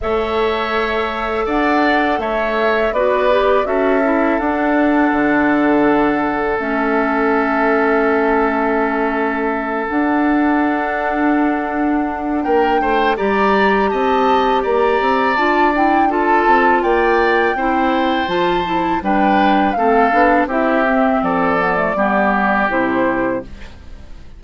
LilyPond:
<<
  \new Staff \with { instrumentName = "flute" } { \time 4/4 \tempo 4 = 82 e''2 fis''4 e''4 | d''4 e''4 fis''2~ | fis''4 e''2.~ | e''4. fis''2~ fis''8~ |
fis''4 g''4 ais''4 a''4 | ais''4 a''8 g''8 a''4 g''4~ | g''4 a''4 g''4 f''4 | e''4 d''2 c''4 | }
  \new Staff \with { instrumentName = "oboe" } { \time 4/4 cis''2 d''4 cis''4 | b'4 a'2.~ | a'1~ | a'1~ |
a'4 ais'8 c''8 d''4 dis''4 | d''2 a'4 d''4 | c''2 b'4 a'4 | g'4 a'4 g'2 | }
  \new Staff \with { instrumentName = "clarinet" } { \time 4/4 a'1 | fis'8 g'8 fis'8 e'8 d'2~ | d'4 cis'2.~ | cis'4. d'2~ d'8~ |
d'2 g'2~ | g'4 f'8 e'8 f'2 | e'4 f'8 e'8 d'4 c'8 d'8 | e'8 c'4 b16 a16 b4 e'4 | }
  \new Staff \with { instrumentName = "bassoon" } { \time 4/4 a2 d'4 a4 | b4 cis'4 d'4 d4~ | d4 a2.~ | a4. d'2~ d'8~ |
d'4 ais8 a8 g4 c'4 | ais8 c'8 d'4. c'8 ais4 | c'4 f4 g4 a8 b8 | c'4 f4 g4 c4 | }
>>